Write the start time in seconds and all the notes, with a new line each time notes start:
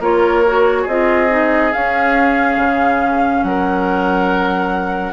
0.00 A#3 F4 A#4 C#5
0.47 F#4
0.82 C4 G#4 D#5
0.89 F4
1.30 D#4
1.73 C#4 F5
2.57 C#3
3.44 F#3 A#4 F#5